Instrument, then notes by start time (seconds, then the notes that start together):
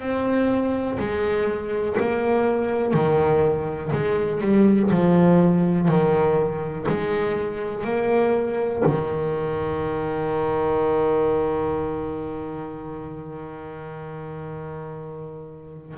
double bass
0.00 C4
0.99 G#3
2.00 A#3
2.94 D#3
3.93 G#3
4.41 G3
4.91 F3
5.88 D#3
6.89 G#3
7.85 A#3
8.86 D#3